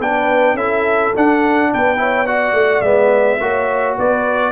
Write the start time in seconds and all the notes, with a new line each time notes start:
0.00 B3 D4 B4 G5
0.55 C#4 E4 A4 E5
1.17 D4 F#5
1.74 B3 B4 G5
1.97 E4 C#5
2.27 F#4 D5 F#5
2.53 A3
2.81 G#3 B3 E5
3.40 A#3 F#4 C#5
3.97 B3 B4 D5